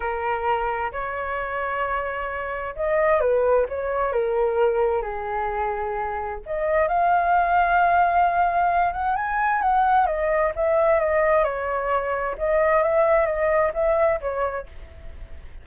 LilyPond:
\new Staff \with { instrumentName = "flute" } { \time 4/4 \tempo 4 = 131 ais'2 cis''2~ | cis''2 dis''4 b'4 | cis''4 ais'2 gis'4~ | gis'2 dis''4 f''4~ |
f''2.~ f''8 fis''8 | gis''4 fis''4 dis''4 e''4 | dis''4 cis''2 dis''4 | e''4 dis''4 e''4 cis''4 | }